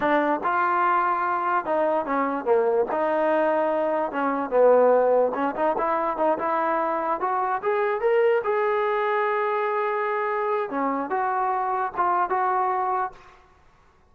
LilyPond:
\new Staff \with { instrumentName = "trombone" } { \time 4/4 \tempo 4 = 146 d'4 f'2. | dis'4 cis'4 ais4 dis'4~ | dis'2 cis'4 b4~ | b4 cis'8 dis'8 e'4 dis'8 e'8~ |
e'4. fis'4 gis'4 ais'8~ | ais'8 gis'2.~ gis'8~ | gis'2 cis'4 fis'4~ | fis'4 f'4 fis'2 | }